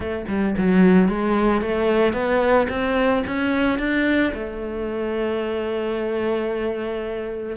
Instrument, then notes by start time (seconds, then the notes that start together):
cello
0.00 A3
0.28 G3
0.57 F#3
1.08 G#3
1.61 A3
2.13 B3
2.69 C4
3.26 C#4
3.78 D4
4.34 A3